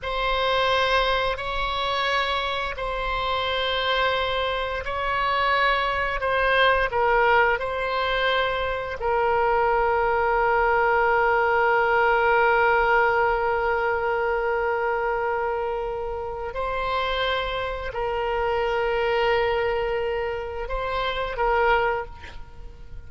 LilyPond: \new Staff \with { instrumentName = "oboe" } { \time 4/4 \tempo 4 = 87 c''2 cis''2 | c''2. cis''4~ | cis''4 c''4 ais'4 c''4~ | c''4 ais'2.~ |
ais'1~ | ais'1 | c''2 ais'2~ | ais'2 c''4 ais'4 | }